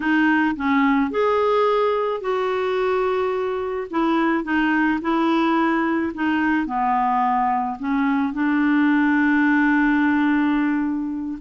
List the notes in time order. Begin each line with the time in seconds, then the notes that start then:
0.00 D#4
0.56 C#4
1.10 G#4
2.20 F#4
3.90 E4
4.44 D#4
5.01 E4
6.14 D#4
6.66 B3
7.79 C#4
8.33 D4